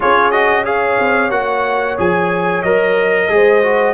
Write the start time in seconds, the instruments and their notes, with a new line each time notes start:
0.00 tuba C#4, trombone F4, horn G#4, trumpet C#5
0.31 trombone F#4, trumpet D#5
0.64 trombone G#4, horn C#5, trumpet F5
0.99 tuba C4
1.30 tuba A#3, trombone F#4, trumpet F#5
1.97 tuba F3, trombone G#4, trumpet G#5
2.62 tuba F#3, trombone A#4, trumpet D#5
3.29 tuba G#3, trombone G#4, horn C5
3.62 trombone F#4